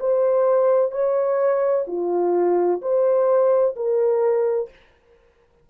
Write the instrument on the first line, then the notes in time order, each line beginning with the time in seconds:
horn
0.00 C5
0.92 C#5
1.87 F4
2.81 C5
3.76 A#4